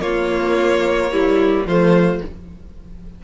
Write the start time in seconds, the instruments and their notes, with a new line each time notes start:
0.00 cello A#3, viola A#3, violin F4 C#5
1.12 viola G3, violin E4
1.66 cello F3, viola A3, violin F4 C5